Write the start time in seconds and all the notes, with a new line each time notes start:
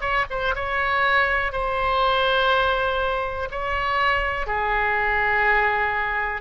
0.00 C#5
0.30 C5
0.55 C#5
1.52 C5
3.51 C#5
4.46 G#4